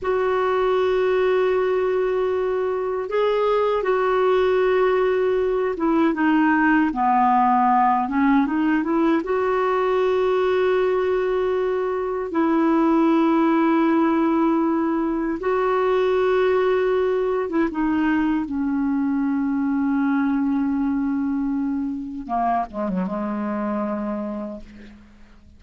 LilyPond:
\new Staff \with { instrumentName = "clarinet" } { \time 4/4 \tempo 4 = 78 fis'1 | gis'4 fis'2~ fis'8 e'8 | dis'4 b4. cis'8 dis'8 e'8 | fis'1 |
e'1 | fis'2~ fis'8. e'16 dis'4 | cis'1~ | cis'4 ais8 gis16 fis16 gis2 | }